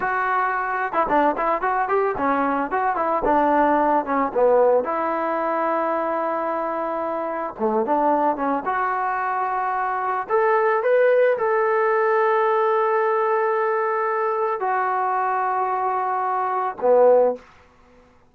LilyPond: \new Staff \with { instrumentName = "trombone" } { \time 4/4 \tempo 4 = 111 fis'4.~ fis'16 e'16 d'8 e'8 fis'8 g'8 | cis'4 fis'8 e'8 d'4. cis'8 | b4 e'2.~ | e'2 a8 d'4 cis'8 |
fis'2. a'4 | b'4 a'2.~ | a'2. fis'4~ | fis'2. b4 | }